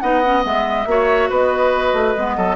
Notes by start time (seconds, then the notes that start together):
0.00 B3 D#4 D#5 F#5
0.24 C#4
0.42 G#3 B3 E5
0.86 A#3 F#4 C#5
1.30 B3 B4 D#5
1.93 A3
2.17 G#3 B3
2.37 F#3 A4